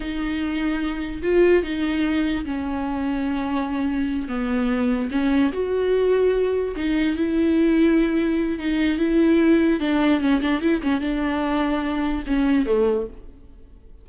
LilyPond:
\new Staff \with { instrumentName = "viola" } { \time 4/4 \tempo 4 = 147 dis'2. f'4 | dis'2 cis'2~ | cis'2~ cis'8 b4.~ | b8 cis'4 fis'2~ fis'8~ |
fis'8 dis'4 e'2~ e'8~ | e'4 dis'4 e'2 | d'4 cis'8 d'8 e'8 cis'8 d'4~ | d'2 cis'4 a4 | }